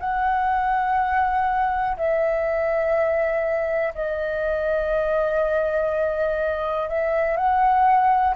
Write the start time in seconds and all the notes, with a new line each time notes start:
0.00 F#5
1.97 E5
3.95 D#5
6.89 E5
7.37 F#5